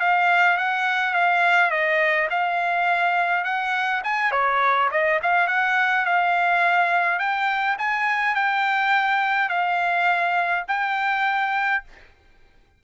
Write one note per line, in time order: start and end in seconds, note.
0.00 0.57 F5
0.57 1.14 F#5
1.14 1.71 F5
1.71 2.28 D#5
2.30 3.44 F5
3.44 4.02 F#5
4.04 4.32 G#5
4.32 4.89 C#5
4.91 5.20 D#5
5.23 5.48 F5
5.48 6.05 F#5
6.06 7.19 F5
7.19 7.76 G5
7.78 8.35 G#5
8.35 9.49 G5
9.49 10.65 F5
10.68 11.83 G5